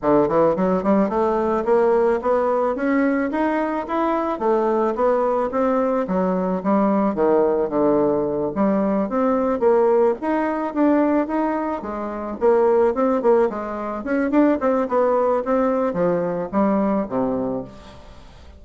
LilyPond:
\new Staff \with { instrumentName = "bassoon" } { \time 4/4 \tempo 4 = 109 d8 e8 fis8 g8 a4 ais4 | b4 cis'4 dis'4 e'4 | a4 b4 c'4 fis4 | g4 dis4 d4. g8~ |
g8 c'4 ais4 dis'4 d'8~ | d'8 dis'4 gis4 ais4 c'8 | ais8 gis4 cis'8 d'8 c'8 b4 | c'4 f4 g4 c4 | }